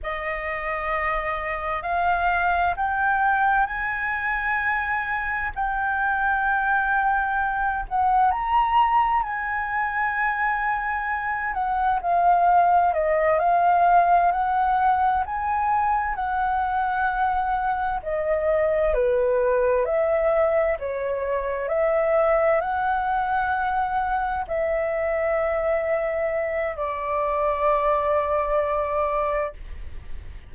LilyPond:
\new Staff \with { instrumentName = "flute" } { \time 4/4 \tempo 4 = 65 dis''2 f''4 g''4 | gis''2 g''2~ | g''8 fis''8 ais''4 gis''2~ | gis''8 fis''8 f''4 dis''8 f''4 fis''8~ |
fis''8 gis''4 fis''2 dis''8~ | dis''8 b'4 e''4 cis''4 e''8~ | e''8 fis''2 e''4.~ | e''4 d''2. | }